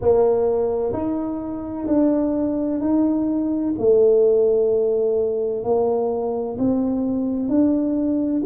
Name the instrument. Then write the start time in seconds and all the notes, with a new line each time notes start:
tuba
0.01 A#3
0.92 D#4
1.87 D4
2.80 D#4
3.78 A3
5.63 A#3
6.58 C4
7.48 D4